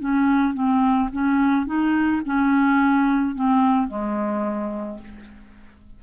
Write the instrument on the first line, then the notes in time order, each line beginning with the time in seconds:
clarinet
0.00 C#4
0.54 C4
1.12 C#4
1.66 D#4
2.25 C#4
3.35 C4
3.88 G#3